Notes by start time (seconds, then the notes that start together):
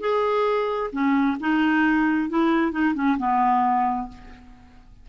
0.00 G#4
0.92 C#4
1.40 D#4
2.29 E4
2.71 D#4
2.94 C#4
3.18 B3